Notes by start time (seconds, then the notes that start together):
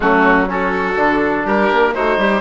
0.00 F#3 A3 C#4 F#4
0.46 C#4 F#4 A4
0.96 D3 D4
1.45 G3 G4 A#4
1.72 A#3
1.94 A3 D#4 F#4 C5
2.17 G3 G4